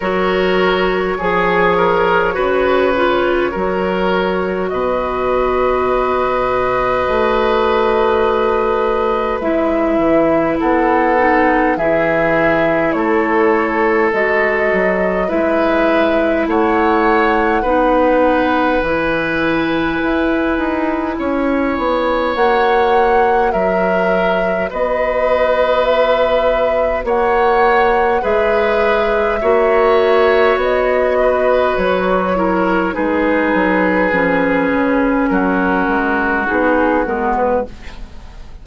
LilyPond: <<
  \new Staff \with { instrumentName = "flute" } { \time 4/4 \tempo 4 = 51 cis''1 | dis''1 | e''4 fis''4 e''4 cis''4 | dis''4 e''4 fis''2 |
gis''2. fis''4 | e''4 dis''4 e''4 fis''4 | e''2 dis''4 cis''4 | b'2 ais'4 gis'8 ais'16 b'16 | }
  \new Staff \with { instrumentName = "oboe" } { \time 4/4 ais'4 gis'8 ais'8 b'4 ais'4 | b'1~ | b'4 a'4 gis'4 a'4~ | a'4 b'4 cis''4 b'4~ |
b'2 cis''2 | ais'4 b'2 cis''4 | b'4 cis''4. b'4 ais'8 | gis'2 fis'2 | }
  \new Staff \with { instrumentName = "clarinet" } { \time 4/4 fis'4 gis'4 fis'8 f'8 fis'4~ | fis'1 | e'4. dis'8 e'2 | fis'4 e'2 dis'4 |
e'2. fis'4~ | fis'1 | gis'4 fis'2~ fis'8 e'8 | dis'4 cis'2 dis'8 b8 | }
  \new Staff \with { instrumentName = "bassoon" } { \time 4/4 fis4 f4 cis4 fis4 | b,2 a2 | gis8 e8 b4 e4 a4 | gis8 fis8 gis4 a4 b4 |
e4 e'8 dis'8 cis'8 b8 ais4 | fis4 b2 ais4 | gis4 ais4 b4 fis4 | gis8 fis8 f8 cis8 fis8 gis8 b8 gis8 | }
>>